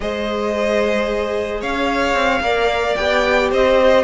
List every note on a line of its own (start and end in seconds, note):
0.00 1.62 G#3
0.00 2.43 G#4
0.00 1.60 C5
0.00 1.62 D#5
1.60 2.13 C#4
1.60 2.41 C#5
1.60 2.95 F5
2.13 2.40 C4
2.40 2.94 A#3
2.40 2.98 A#4
2.40 3.51 D5
2.95 3.52 B3
2.95 4.04 G4
2.95 3.49 G5
3.51 4.04 C4
3.51 4.04 C5
3.51 4.04 D#5